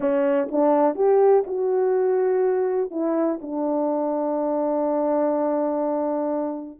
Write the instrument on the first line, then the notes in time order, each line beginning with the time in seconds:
horn
0.00 C#4
0.51 D4
0.95 G4
1.47 F#4
2.90 E4
3.41 D4